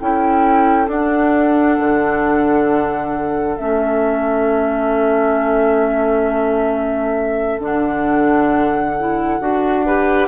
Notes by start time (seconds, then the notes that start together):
0.00 C#4 E4 A4 G5
0.87 D4 F#5
1.80 D3
3.57 A3 C#4 E5
7.60 D3 D4 F#5
8.99 E4
9.40 D4 F#4
9.86 G4 B4